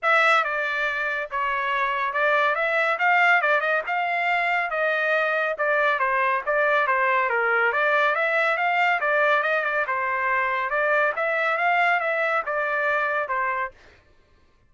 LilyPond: \new Staff \with { instrumentName = "trumpet" } { \time 4/4 \tempo 4 = 140 e''4 d''2 cis''4~ | cis''4 d''4 e''4 f''4 | d''8 dis''8 f''2 dis''4~ | dis''4 d''4 c''4 d''4 |
c''4 ais'4 d''4 e''4 | f''4 d''4 dis''8 d''8 c''4~ | c''4 d''4 e''4 f''4 | e''4 d''2 c''4 | }